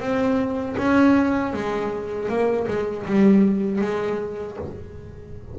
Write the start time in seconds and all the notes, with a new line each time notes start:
0.00 C4
0.78 C#4
1.53 G#3
2.29 A#3
2.68 G#3
3.06 G3
3.81 G#3